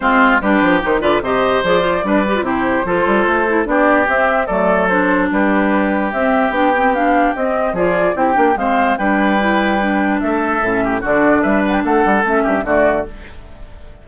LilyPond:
<<
  \new Staff \with { instrumentName = "flute" } { \time 4/4 \tempo 4 = 147 c''4 b'4 c''8 d''8 dis''4 | d''2 c''2~ | c''4 d''4 e''4 d''4 | c''4 b'2 e''4 |
g''4 f''4 dis''4 d''4 | g''4 f''4 g''2~ | g''4 e''2 d''4 | e''8 fis''16 g''16 fis''4 e''4 d''4 | }
  \new Staff \with { instrumentName = "oboe" } { \time 4/4 f'4 g'4. b'8 c''4~ | c''4 b'4 g'4 a'4~ | a'4 g'2 a'4~ | a'4 g'2.~ |
g'2. gis'4 | g'4 c''4 b'2~ | b'4 a'4. g'8 fis'4 | b'4 a'4. g'8 fis'4 | }
  \new Staff \with { instrumentName = "clarinet" } { \time 4/4 c'4 d'4 dis'8 f'8 g'4 | gis'8 f'8 d'8 g'16 f'16 e'4 f'4~ | f'8 e'8 d'4 c'4 a4 | d'2. c'4 |
d'8 c'8 d'4 c'4 f'4 | e'8 d'8 c'4 d'4 e'4 | d'2 cis'4 d'4~ | d'2 cis'4 a4 | }
  \new Staff \with { instrumentName = "bassoon" } { \time 4/4 gis4 g8 f8 dis8 d8 c4 | f4 g4 c4 f8 g8 | a4 b4 c'4 fis4~ | fis4 g2 c'4 |
b2 c'4 f4 | c'8 ais8 gis4 g2~ | g4 a4 a,4 d4 | g4 a8 g8 a8 g,8 d4 | }
>>